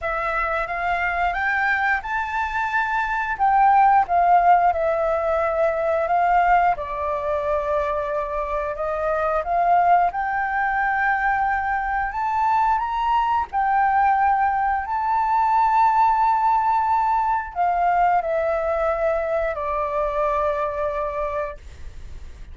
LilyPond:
\new Staff \with { instrumentName = "flute" } { \time 4/4 \tempo 4 = 89 e''4 f''4 g''4 a''4~ | a''4 g''4 f''4 e''4~ | e''4 f''4 d''2~ | d''4 dis''4 f''4 g''4~ |
g''2 a''4 ais''4 | g''2 a''2~ | a''2 f''4 e''4~ | e''4 d''2. | }